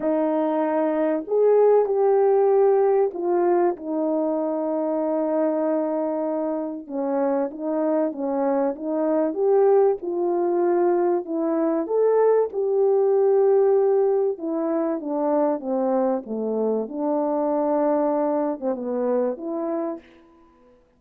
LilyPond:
\new Staff \with { instrumentName = "horn" } { \time 4/4 \tempo 4 = 96 dis'2 gis'4 g'4~ | g'4 f'4 dis'2~ | dis'2. cis'4 | dis'4 cis'4 dis'4 g'4 |
f'2 e'4 a'4 | g'2. e'4 | d'4 c'4 a4 d'4~ | d'4.~ d'16 c'16 b4 e'4 | }